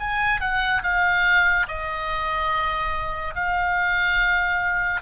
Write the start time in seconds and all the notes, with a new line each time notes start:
0.00 G#5
0.41 F#5
0.83 F5
1.68 D#5
3.35 F5